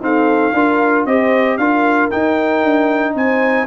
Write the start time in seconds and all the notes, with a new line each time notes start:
0.00 C4 D#4 A4 F5
0.54 D4 F4 A#4
1.06 C4 G4 C5 D#5
1.58 D4 F4 A#4 F5
2.11 D#4 G5
2.64 D4
3.15 C4 C5 G#5